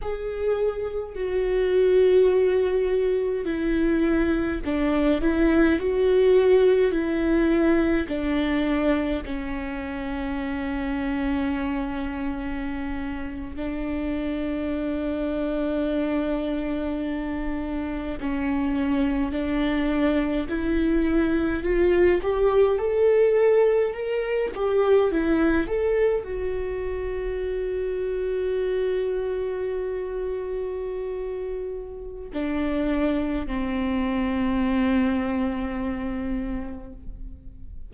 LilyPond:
\new Staff \with { instrumentName = "viola" } { \time 4/4 \tempo 4 = 52 gis'4 fis'2 e'4 | d'8 e'8 fis'4 e'4 d'4 | cis'2.~ cis'8. d'16~ | d'2.~ d'8. cis'16~ |
cis'8. d'4 e'4 f'8 g'8 a'16~ | a'8. ais'8 g'8 e'8 a'8 fis'4~ fis'16~ | fis'1 | d'4 c'2. | }